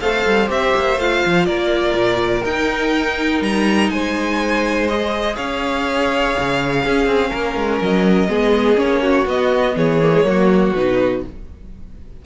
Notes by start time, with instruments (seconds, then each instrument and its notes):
0.00 cello A3, viola A4, violin C5 F5
0.26 cello G3
0.47 cello C4, viola G4, violin E5
0.75 cello A#3
0.97 cello A3, viola F4, violin F5
1.26 cello F3
1.45 cello A#3, violin A#4 D5
1.94 cello A#2
2.44 cello D#4, viola D#4, violin G5
3.41 cello G3, violin A#5
3.90 cello G#3, violin C5 G#5
4.88 viola G#4, violin D#5
5.36 cello C#4, violin C#5 F5
6.39 cello C#3
6.84 viola C#4, cello C#4, violin G#4
7.06 cello C4
7.30 cello A#3, violin A#4
7.56 cello G#3
7.82 cello F#3, violin D#5
8.28 cello G#3, viola B3, violin G#4
8.75 cello A#3, viola C#4, violin C#5
9.02 violin F#4
9.26 cello B3, viola B3, violin D#5
9.76 cello E3, violin G#4 C#5
10.02 viola A#3
10.13 viola G#3
10.24 cello F#3, viola A#3, violin F#4
10.73 cello B2, viola D#4, violin B4